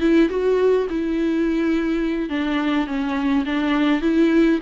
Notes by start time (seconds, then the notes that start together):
0.00 E4
0.29 F#4
0.89 E4
2.29 D4
2.87 C#4
3.45 D4
4.01 E4